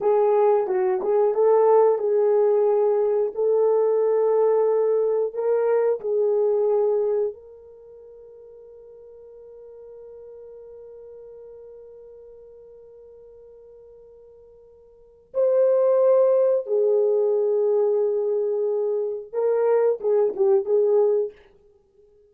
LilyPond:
\new Staff \with { instrumentName = "horn" } { \time 4/4 \tempo 4 = 90 gis'4 fis'8 gis'8 a'4 gis'4~ | gis'4 a'2. | ais'4 gis'2 ais'4~ | ais'1~ |
ais'1~ | ais'2. c''4~ | c''4 gis'2.~ | gis'4 ais'4 gis'8 g'8 gis'4 | }